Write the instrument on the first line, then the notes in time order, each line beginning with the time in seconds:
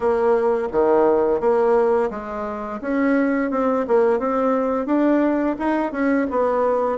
bassoon
0.00 A#3
0.72 D#3
1.40 A#3
2.10 G#3
2.81 C#4
3.51 C4
3.87 A#3
4.19 C4
4.86 D4
5.58 D#4
5.91 C#4
6.30 B3